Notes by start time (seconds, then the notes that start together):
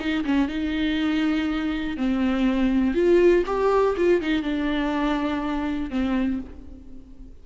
0.00 D#4
0.25 C#4
0.49 D#4
1.98 C4
2.94 F4
3.47 G4
3.97 F4
4.22 D#4
4.43 D4
5.91 C4